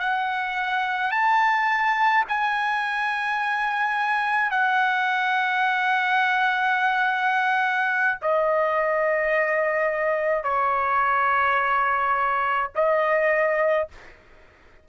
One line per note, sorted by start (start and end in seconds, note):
0.00 1.12 F#5
1.12 2.25 A5
2.29 4.51 G#5
4.51 8.19 F#5
8.22 10.44 D#5
10.44 12.70 C#5
12.76 13.89 D#5